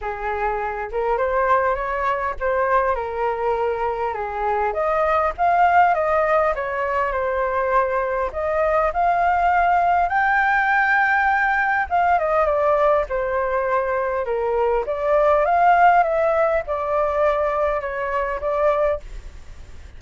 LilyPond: \new Staff \with { instrumentName = "flute" } { \time 4/4 \tempo 4 = 101 gis'4. ais'8 c''4 cis''4 | c''4 ais'2 gis'4 | dis''4 f''4 dis''4 cis''4 | c''2 dis''4 f''4~ |
f''4 g''2. | f''8 dis''8 d''4 c''2 | ais'4 d''4 f''4 e''4 | d''2 cis''4 d''4 | }